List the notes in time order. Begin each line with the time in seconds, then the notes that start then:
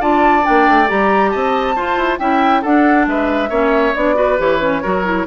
0.00 D4 F4 D5 A5
0.43 D4 G5
0.49 A#3
0.68 A3
0.88 G3 G4 A#5
1.30 C4 D#5 A5
1.76 F4 C5
1.97 E4
2.19 C#4 E4 E5 G5
2.62 D4 A4 F#5
3.07 G#3 B4 E5
3.50 A#3 C#4 C#5
3.95 B3 D4 D5
4.15 F#4 B4
4.38 E3 G4 C#5
4.60 C#4
4.82 F#3 F#4 A#4
5.05 E4